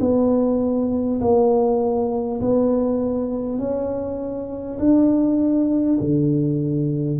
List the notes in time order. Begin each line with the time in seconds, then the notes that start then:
0.00 B3
1.21 A#3
2.41 B3
3.59 C#4
4.79 D4
6.00 D3